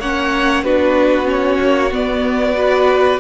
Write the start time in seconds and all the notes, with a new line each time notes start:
0.00 A#3 C#4 C#5 F#5
0.64 B3 D4 F#4 B4
1.25 C#4 C#5
1.61 A#3
1.91 B3 D5
2.55 F#4 B4